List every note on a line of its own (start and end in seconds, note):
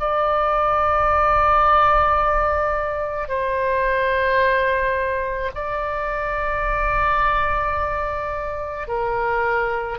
0.00 3.29 D5
3.29 5.51 C5
5.55 8.88 D5
8.88 9.99 A#4